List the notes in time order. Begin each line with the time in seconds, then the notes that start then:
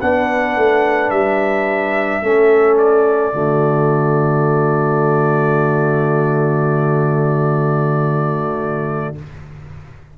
0.00 B3 D4 B4 F#5
0.56 A3
1.10 G3 E5
2.22 A3 C#4 A4
2.78 D5
3.32 D3 A3 F#4